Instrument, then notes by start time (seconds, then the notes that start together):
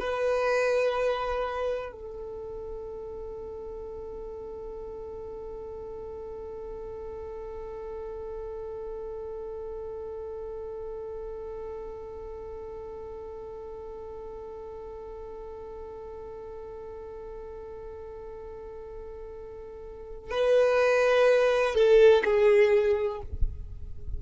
violin
0.00 B4
1.93 A4
20.31 B4
21.75 A4
22.25 G#4